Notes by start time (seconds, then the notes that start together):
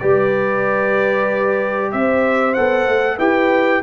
0.00 G3 G4 B4 D5
1.92 C4 C5 E5
2.54 B3 A4 F#5
2.87 A3
3.17 E4 G4 B4 G5